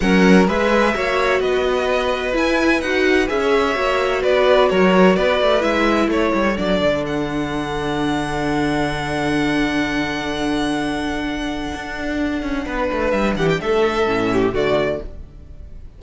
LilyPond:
<<
  \new Staff \with { instrumentName = "violin" } { \time 4/4 \tempo 4 = 128 fis''4 e''2 dis''4~ | dis''4 gis''4 fis''4 e''4~ | e''4 d''4 cis''4 d''4 | e''4 cis''4 d''4 fis''4~ |
fis''1~ | fis''1~ | fis''1 | e''8 fis''16 g''16 e''2 d''4 | }
  \new Staff \with { instrumentName = "violin" } { \time 4/4 ais'4 b'4 cis''4 b'4~ | b'2.~ b'16 cis''8.~ | cis''4 b'4 ais'4 b'4~ | b'4 a'2.~ |
a'1~ | a'1~ | a'2. b'4~ | b'8 g'8 a'4. g'8 fis'4 | }
  \new Staff \with { instrumentName = "viola" } { \time 4/4 cis'4 gis'4 fis'2~ | fis'4 e'4 fis'4 gis'4 | fis'1 | e'2 d'2~ |
d'1~ | d'1~ | d'1~ | d'2 cis'4 a4 | }
  \new Staff \with { instrumentName = "cello" } { \time 4/4 fis4 gis4 ais4 b4~ | b4 e'4 dis'4 cis'4 | ais4 b4 fis4 b8 a8 | gis4 a8 g8 fis8 d4.~ |
d1~ | d1~ | d4 d'4. cis'8 b8 a8 | g8 e8 a4 a,4 d4 | }
>>